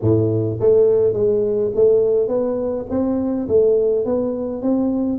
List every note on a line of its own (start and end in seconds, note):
0.01 0.59 A2
0.60 1.13 A3
1.13 1.71 G#3
1.75 2.28 A3
2.28 2.85 B3
2.90 3.47 C4
3.48 4.05 A3
4.05 4.62 B3
4.62 5.18 C4